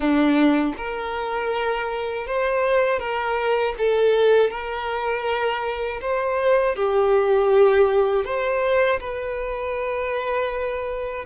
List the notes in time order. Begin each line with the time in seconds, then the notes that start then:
0.00 D4
0.77 A#4
2.26 C5
2.99 A#4
3.77 A4
4.50 A#4
6.01 C5
6.75 G4
8.24 C5
9.00 B4